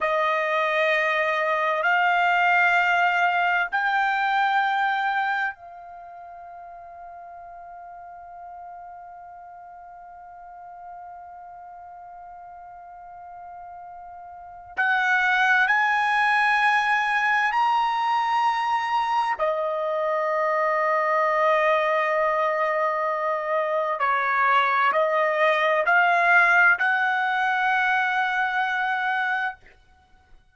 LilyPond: \new Staff \with { instrumentName = "trumpet" } { \time 4/4 \tempo 4 = 65 dis''2 f''2 | g''2 f''2~ | f''1~ | f''1 |
fis''4 gis''2 ais''4~ | ais''4 dis''2.~ | dis''2 cis''4 dis''4 | f''4 fis''2. | }